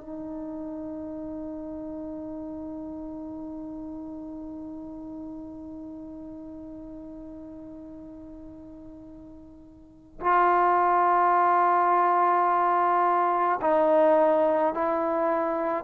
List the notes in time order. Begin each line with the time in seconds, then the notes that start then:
0.00 D#4
10.20 F4
13.61 D#4
14.74 E4